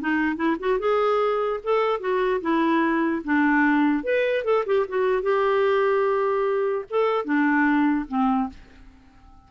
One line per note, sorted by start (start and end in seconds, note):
0.00 0.36 D#4
0.36 0.56 E4
0.59 0.79 F#4
0.79 1.60 G#4
1.63 2.00 A4
2.00 2.40 F#4
2.41 3.22 E4
3.24 4.03 D4
4.03 4.44 B4
4.44 4.64 A4
4.65 4.86 G4
4.88 5.22 F#4
5.22 6.84 G4
6.89 7.25 A4
7.25 8.06 D4
8.08 8.49 C4